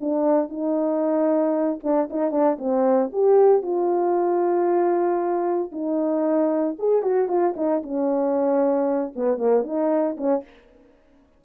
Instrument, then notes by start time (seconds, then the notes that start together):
horn
0.00 D4
0.49 D#4
1.83 D4
2.10 D#4
2.31 D4
2.58 C4
3.12 G4
3.62 F4
5.72 D#4
6.79 G#4
7.02 F#4
7.28 F4
7.56 D#4
7.83 C#4
9.15 B3
9.37 A#3
9.64 D#4
10.17 C#4